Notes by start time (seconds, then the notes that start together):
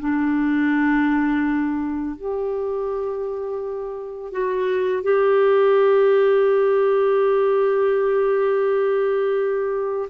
0.00 D4
2.16 G4
4.32 F#4
5.03 G4